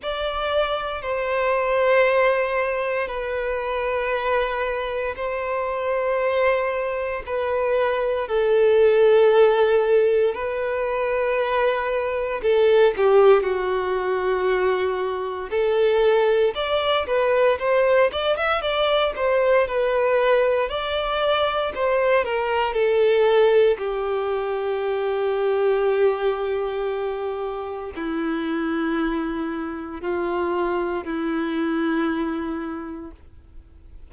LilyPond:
\new Staff \with { instrumentName = "violin" } { \time 4/4 \tempo 4 = 58 d''4 c''2 b'4~ | b'4 c''2 b'4 | a'2 b'2 | a'8 g'8 fis'2 a'4 |
d''8 b'8 c''8 d''16 e''16 d''8 c''8 b'4 | d''4 c''8 ais'8 a'4 g'4~ | g'2. e'4~ | e'4 f'4 e'2 | }